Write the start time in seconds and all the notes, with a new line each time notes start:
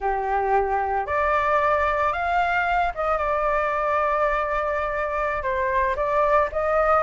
0.00 G4
1.06 D5
2.12 F5
2.94 D#5
3.17 D5
5.42 C5
5.96 D5
6.51 D#5